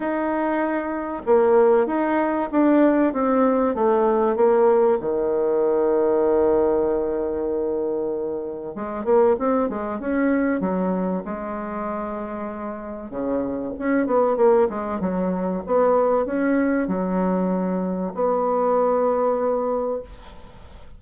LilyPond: \new Staff \with { instrumentName = "bassoon" } { \time 4/4 \tempo 4 = 96 dis'2 ais4 dis'4 | d'4 c'4 a4 ais4 | dis1~ | dis2 gis8 ais8 c'8 gis8 |
cis'4 fis4 gis2~ | gis4 cis4 cis'8 b8 ais8 gis8 | fis4 b4 cis'4 fis4~ | fis4 b2. | }